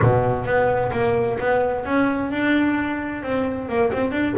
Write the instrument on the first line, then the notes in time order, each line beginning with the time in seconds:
double bass
0.02 B2
0.45 B3
0.92 A#3
1.39 B3
1.85 C#4
2.31 D4
3.22 C4
3.68 A#3
3.93 C4
4.11 D4